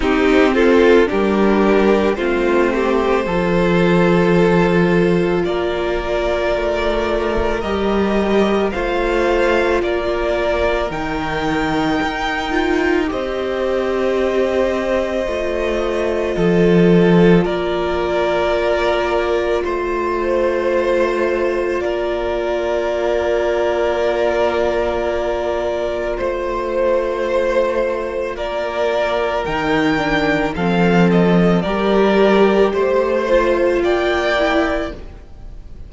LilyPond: <<
  \new Staff \with { instrumentName = "violin" } { \time 4/4 \tempo 4 = 55 g'8 a'8 ais'4 c''2~ | c''4 d''2 dis''4 | f''4 d''4 g''2 | dis''1 |
d''2 c''2 | d''1 | c''2 d''4 g''4 | f''8 dis''8 d''4 c''4 g''4 | }
  \new Staff \with { instrumentName = "violin" } { \time 4/4 dis'8 f'8 g'4 f'8 g'8 a'4~ | a'4 ais'2. | c''4 ais'2. | c''2. a'4 |
ais'2 c''2 | ais'1 | c''2 ais'2 | a'4 ais'4 c''4 d''4 | }
  \new Staff \with { instrumentName = "viola" } { \time 4/4 c'4 d'4 c'4 f'4~ | f'2. g'4 | f'2 dis'4. f'8 | g'2 f'2~ |
f'1~ | f'1~ | f'2. dis'8 d'8 | c'4 g'4. f'4 e'8 | }
  \new Staff \with { instrumentName = "cello" } { \time 4/4 c'4 g4 a4 f4~ | f4 ais4 a4 g4 | a4 ais4 dis4 dis'4 | c'2 a4 f4 |
ais2 a2 | ais1 | a2 ais4 dis4 | f4 g4 a4 ais4 | }
>>